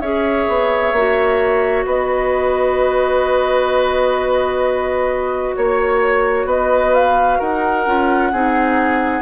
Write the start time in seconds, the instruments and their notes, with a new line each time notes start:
0.00 bassoon C#4, clarinet G#4, oboe C#5, flute E5
0.48 bassoon B3
0.92 bassoon A#3, clarinet F#4
1.85 bassoon B3, oboe B4, flute D#5
5.55 bassoon A#3, flute C#5, oboe C#5
6.45 bassoon B3, oboe B4, flute D#5
6.94 flute F5
7.38 bassoon D#4, oboe A#4, flute F#5
7.86 bassoon C#4, clarinet F4
8.32 bassoon C4, clarinet D#4, oboe G#4